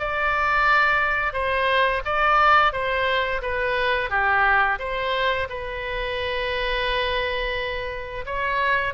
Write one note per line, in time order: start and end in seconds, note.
0.00 1.34 D5
1.34 2.03 C5
2.05 2.73 D5
2.73 3.42 C5
3.42 4.10 B4
4.10 4.79 G4
4.79 5.48 C5
5.50 8.25 B4
8.26 8.94 C#5